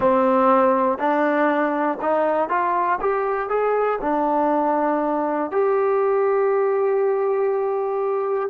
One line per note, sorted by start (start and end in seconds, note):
0.00 0.98 C4
0.98 1.98 D4
2.01 2.49 D#4
2.49 2.99 F4
3.00 3.49 G4
3.49 3.99 G#4
4.01 5.50 D4
5.50 8.49 G4